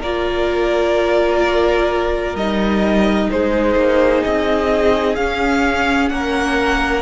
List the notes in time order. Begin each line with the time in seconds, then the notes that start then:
0.00 A#3 F4 A#4 D5
2.35 G3 D#4 D#5
3.30 G#3 G#4 C5
3.76 A#3
4.24 C4 D#5
5.15 C#4 F5
6.09 A#3 A#4 F#5